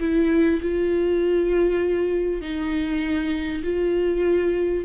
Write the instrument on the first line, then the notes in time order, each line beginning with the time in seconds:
viola
0.00 E4
0.62 F4
2.41 D#4
3.63 F4